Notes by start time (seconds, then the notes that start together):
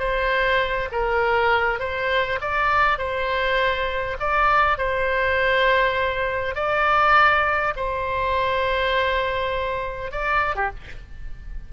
0.00 C5
0.92 A#4
1.80 C5
2.41 D5
2.99 C5
4.20 D5
4.78 C5
6.56 D5
7.77 C5
10.12 D5
10.56 G4